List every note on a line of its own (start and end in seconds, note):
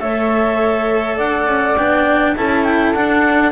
0.00 1.18 A3
0.00 1.76 A4
0.00 1.16 C#5
0.00 1.18 E5
1.16 1.46 D4
1.16 2.34 D5
1.16 1.77 F#5
1.46 1.75 C#4
1.77 2.35 B3
1.77 2.36 D4
1.77 2.35 G5
2.36 2.94 C#4
2.36 2.95 E4
2.36 3.52 A4
2.36 2.64 A5
2.64 2.93 G5
2.94 3.52 D4
2.94 3.52 F#5